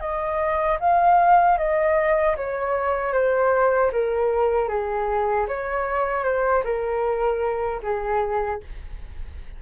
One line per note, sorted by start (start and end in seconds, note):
0.00 0.78 D#5
0.80 1.58 F5
1.58 2.36 D#5
2.37 3.13 C#5
3.13 3.91 C5
3.92 4.69 A#4
4.69 5.47 G#4
5.48 6.24 C#5
6.24 6.63 C5
6.64 7.81 A#4
7.83 8.61 G#4